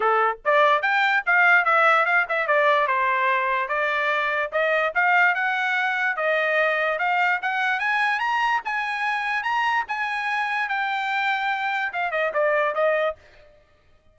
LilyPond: \new Staff \with { instrumentName = "trumpet" } { \time 4/4 \tempo 4 = 146 a'4 d''4 g''4 f''4 | e''4 f''8 e''8 d''4 c''4~ | c''4 d''2 dis''4 | f''4 fis''2 dis''4~ |
dis''4 f''4 fis''4 gis''4 | ais''4 gis''2 ais''4 | gis''2 g''2~ | g''4 f''8 dis''8 d''4 dis''4 | }